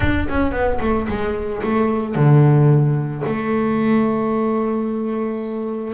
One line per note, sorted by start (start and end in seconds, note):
0.00 0.27 D4
0.29 0.51 C#4
0.51 0.78 B3
0.80 1.07 A3
1.08 1.62 G#3
1.63 2.15 A3
2.15 3.23 D3
3.26 5.93 A3